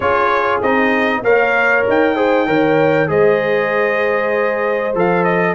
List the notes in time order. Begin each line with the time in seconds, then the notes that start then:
0.00 C#4 F4 G#4 C#5
0.61 C4 D#4 D#5
1.23 A#3 A#4 C#5 F5
1.88 D#4 G5
2.15 G#4 C5
2.46 D#3 A#4 C#5
3.07 G#3 G#4 C5 D#5
4.95 F3 A4 F5
5.24 D#5